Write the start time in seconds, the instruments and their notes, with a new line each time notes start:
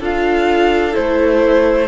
0.00 cello D4, viola F4, violin A4 F5
0.92 cello A3, viola E4, violin C5